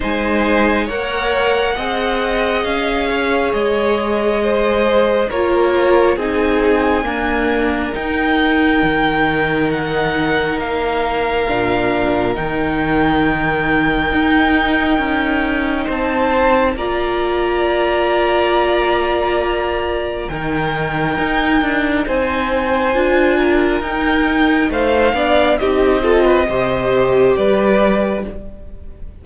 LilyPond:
<<
  \new Staff \with { instrumentName = "violin" } { \time 4/4 \tempo 4 = 68 gis''4 fis''2 f''4 | dis''2 cis''4 gis''4~ | gis''4 g''2 fis''4 | f''2 g''2~ |
g''2 a''4 ais''4~ | ais''2. g''4~ | g''4 gis''2 g''4 | f''4 dis''2 d''4 | }
  \new Staff \with { instrumentName = "violin" } { \time 4/4 c''4 cis''4 dis''4. cis''8~ | cis''4 c''4 ais'4 gis'4 | ais'1~ | ais'1~ |
ais'2 c''4 d''4~ | d''2. ais'4~ | ais'4 c''4. ais'4. | c''8 d''8 g'8 a'16 b'16 c''4 b'4 | }
  \new Staff \with { instrumentName = "viola" } { \time 4/4 dis'4 ais'4 gis'2~ | gis'2 f'4 dis'4 | ais4 dis'2.~ | dis'4 d'4 dis'2~ |
dis'2. f'4~ | f'2. dis'4~ | dis'2 f'4 dis'4~ | dis'8 d'8 dis'8 f'8 g'2 | }
  \new Staff \with { instrumentName = "cello" } { \time 4/4 gis4 ais4 c'4 cis'4 | gis2 ais4 c'4 | d'4 dis'4 dis2 | ais4 ais,4 dis2 |
dis'4 cis'4 c'4 ais4~ | ais2. dis4 | dis'8 d'8 c'4 d'4 dis'4 | a8 b8 c'4 c4 g4 | }
>>